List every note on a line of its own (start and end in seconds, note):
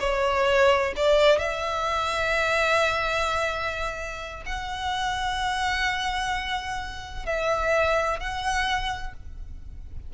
0.00 0.94 C#5
0.96 1.39 D5
1.39 4.44 E5
4.46 7.26 F#5
7.26 8.20 E5
8.20 9.14 F#5